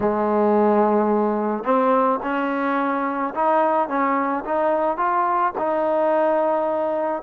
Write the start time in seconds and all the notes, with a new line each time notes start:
0.00 G#3
1.64 C4
2.22 C#4
3.34 D#4
3.88 C#4
4.44 D#4
4.97 F4
5.58 D#4